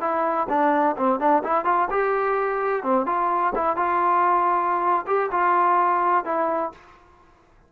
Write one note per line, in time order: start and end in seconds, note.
0.00 0.47 E4
0.49 0.96 D4
0.97 1.19 C4
1.19 1.43 D4
1.43 1.64 E4
1.64 1.88 F4
1.90 2.83 G4
2.83 3.06 C4
3.06 3.53 F4
3.55 3.76 E4
3.76 5.05 F4
5.07 5.30 G4
5.31 6.25 F4
6.25 6.72 E4